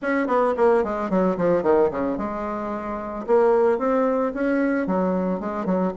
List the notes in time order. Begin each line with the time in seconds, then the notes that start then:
0.01 C#4
0.27 B3
0.57 A#3
0.84 G#3
1.10 F#3
1.37 F3
1.62 D#3
1.90 C#3
2.17 G#3
3.27 A#3
3.78 C4
4.34 C#4
4.86 F#3
5.40 G#3
5.65 F#3